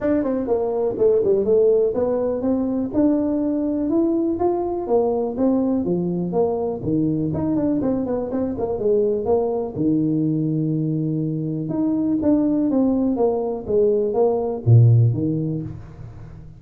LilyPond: \new Staff \with { instrumentName = "tuba" } { \time 4/4 \tempo 4 = 123 d'8 c'8 ais4 a8 g8 a4 | b4 c'4 d'2 | e'4 f'4 ais4 c'4 | f4 ais4 dis4 dis'8 d'8 |
c'8 b8 c'8 ais8 gis4 ais4 | dis1 | dis'4 d'4 c'4 ais4 | gis4 ais4 ais,4 dis4 | }